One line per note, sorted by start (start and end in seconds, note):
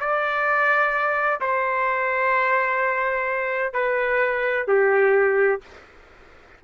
0.00 1.41 D5
1.41 3.74 C5
3.74 4.67 B4
4.67 5.61 G4